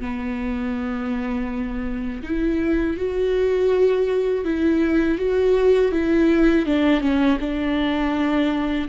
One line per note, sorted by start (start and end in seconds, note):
0.00 2.22 B3
2.23 2.97 E4
2.97 4.44 F#4
4.44 5.18 E4
5.18 5.92 F#4
5.92 6.66 E4
6.66 7.01 D4
7.01 7.38 C#4
7.40 8.88 D4